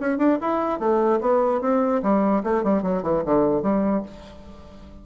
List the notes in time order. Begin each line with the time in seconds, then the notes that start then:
0.00 C#4
0.18 D4
0.41 E4
0.79 A3
1.20 B3
1.61 C4
2.02 G3
2.43 A3
2.63 G3
2.82 F#3
3.02 E3
3.25 D3
3.62 G3